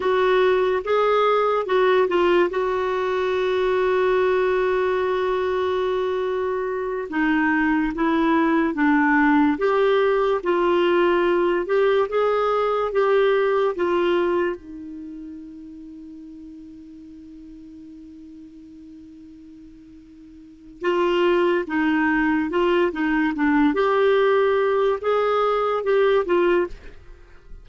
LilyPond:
\new Staff \with { instrumentName = "clarinet" } { \time 4/4 \tempo 4 = 72 fis'4 gis'4 fis'8 f'8 fis'4~ | fis'1~ | fis'8 dis'4 e'4 d'4 g'8~ | g'8 f'4. g'8 gis'4 g'8~ |
g'8 f'4 dis'2~ dis'8~ | dis'1~ | dis'4 f'4 dis'4 f'8 dis'8 | d'8 g'4. gis'4 g'8 f'8 | }